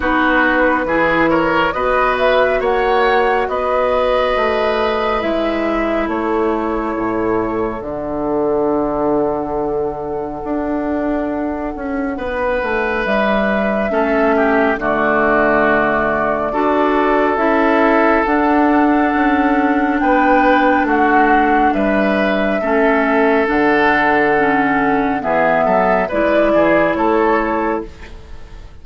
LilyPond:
<<
  \new Staff \with { instrumentName = "flute" } { \time 4/4 \tempo 4 = 69 b'4. cis''8 dis''8 e''8 fis''4 | dis''2 e''4 cis''4~ | cis''4 fis''2.~ | fis''2. e''4~ |
e''4 d''2. | e''4 fis''2 g''4 | fis''4 e''2 fis''4~ | fis''4 e''4 d''4 cis''4 | }
  \new Staff \with { instrumentName = "oboe" } { \time 4/4 fis'4 gis'8 ais'8 b'4 cis''4 | b'2. a'4~ | a'1~ | a'2 b'2 |
a'8 g'8 fis'2 a'4~ | a'2. b'4 | fis'4 b'4 a'2~ | a'4 gis'8 a'8 b'8 gis'8 a'4 | }
  \new Staff \with { instrumentName = "clarinet" } { \time 4/4 dis'4 e'4 fis'2~ | fis'2 e'2~ | e'4 d'2.~ | d'1 |
cis'4 a2 fis'4 | e'4 d'2.~ | d'2 cis'4 d'4 | cis'4 b4 e'2 | }
  \new Staff \with { instrumentName = "bassoon" } { \time 4/4 b4 e4 b4 ais4 | b4 a4 gis4 a4 | a,4 d2. | d'4. cis'8 b8 a8 g4 |
a4 d2 d'4 | cis'4 d'4 cis'4 b4 | a4 g4 a4 d4~ | d4 e8 fis8 gis8 e8 a4 | }
>>